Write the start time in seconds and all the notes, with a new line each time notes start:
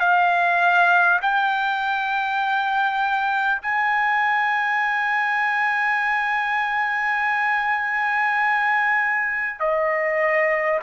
0.00 F5
1.22 G5
3.62 G#5
9.60 D#5